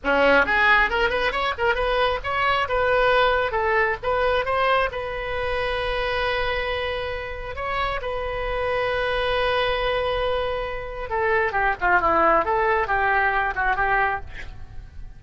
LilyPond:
\new Staff \with { instrumentName = "oboe" } { \time 4/4 \tempo 4 = 135 cis'4 gis'4 ais'8 b'8 cis''8 ais'8 | b'4 cis''4 b'2 | a'4 b'4 c''4 b'4~ | b'1~ |
b'4 cis''4 b'2~ | b'1~ | b'4 a'4 g'8 f'8 e'4 | a'4 g'4. fis'8 g'4 | }